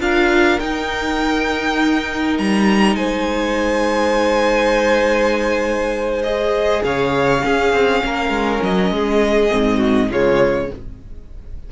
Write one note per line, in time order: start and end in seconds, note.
0.00 0.59 D4
0.00 0.60 F4
0.00 2.97 A#4
0.00 0.60 F5
0.60 2.39 D#4
0.60 6.25 D#4
0.60 2.38 G5
2.38 2.96 G3
2.38 2.96 A#5
2.96 6.82 G#3
2.96 6.83 C5
2.96 6.23 G#5
6.24 7.41 G#4
6.24 6.83 D#5
6.84 7.43 C#3
6.84 7.45 C#5
6.84 8.63 F5
7.41 9.49 C#4
7.41 7.73 C#4
7.41 8.04 G#4
7.73 8.03 C4
8.05 8.30 A#3
8.05 8.94 A#4
8.30 8.60 G#3
8.62 8.91 F#3
8.62 10.12 D#5
8.91 9.50 G#3
8.91 9.78 G#4
9.50 10.11 G#2
9.50 10.10 C4
9.78 10.07 F#4
10.11 10.71 C#3
10.11 10.71 G#3
10.11 10.70 F4
10.11 10.72 C#5